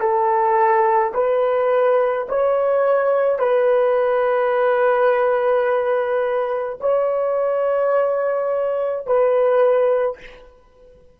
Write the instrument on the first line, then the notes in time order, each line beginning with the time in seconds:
horn
0.00 A4
1.14 B4
2.30 C#5
3.39 B4
6.81 C#5
9.07 B4